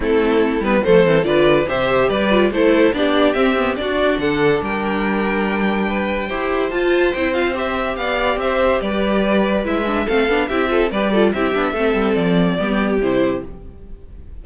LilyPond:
<<
  \new Staff \with { instrumentName = "violin" } { \time 4/4 \tempo 4 = 143 a'4. b'8 c''4 d''4 | e''4 d''4 c''4 d''4 | e''4 d''4 fis''4 g''4~ | g''1 |
a''4 g''8 f''8 e''4 f''4 | e''4 d''2 e''4 | f''4 e''4 d''4 e''4~ | e''4 d''2 c''4 | }
  \new Staff \with { instrumentName = "violin" } { \time 4/4 e'2 a'4 b'4 | c''4 b'4 a'4 g'4~ | g'4 fis'4 a'4 ais'4~ | ais'2 b'4 c''4~ |
c''2. d''4 | c''4 b'2. | a'4 g'8 a'8 b'8 a'8 g'4 | a'2 g'2 | }
  \new Staff \with { instrumentName = "viola" } { \time 4/4 c'4. b8 a8 c'8 f'4 | g'4. f'8 e'4 d'4 | c'8 b8 d'2.~ | d'2. g'4 |
f'4 e'8 f'8 g'2~ | g'2. e'8 d'8 | c'8 d'8 e'8 f'8 g'8 f'8 e'8 d'8 | c'2 b4 e'4 | }
  \new Staff \with { instrumentName = "cello" } { \time 4/4 a4. g8 f8 e8 d4 | c4 g4 a4 b4 | c'4 d'4 d4 g4~ | g2. e'4 |
f'4 c'2 b4 | c'4 g2 gis4 | a8 b8 c'4 g4 c'8 b8 | a8 g8 f4 g4 c4 | }
>>